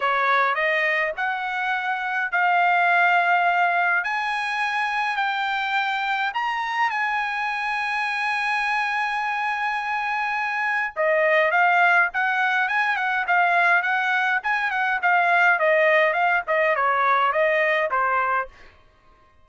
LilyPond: \new Staff \with { instrumentName = "trumpet" } { \time 4/4 \tempo 4 = 104 cis''4 dis''4 fis''2 | f''2. gis''4~ | gis''4 g''2 ais''4 | gis''1~ |
gis''2. dis''4 | f''4 fis''4 gis''8 fis''8 f''4 | fis''4 gis''8 fis''8 f''4 dis''4 | f''8 dis''8 cis''4 dis''4 c''4 | }